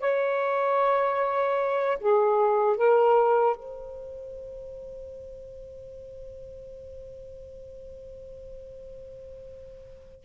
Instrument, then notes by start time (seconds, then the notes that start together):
saxophone
0.00 C#5
2.00 G#4
2.77 A#4
3.56 C5